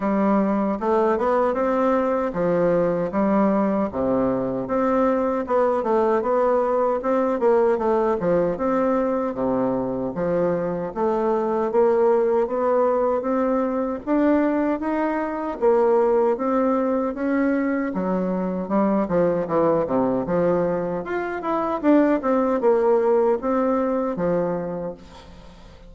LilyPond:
\new Staff \with { instrumentName = "bassoon" } { \time 4/4 \tempo 4 = 77 g4 a8 b8 c'4 f4 | g4 c4 c'4 b8 a8 | b4 c'8 ais8 a8 f8 c'4 | c4 f4 a4 ais4 |
b4 c'4 d'4 dis'4 | ais4 c'4 cis'4 fis4 | g8 f8 e8 c8 f4 f'8 e'8 | d'8 c'8 ais4 c'4 f4 | }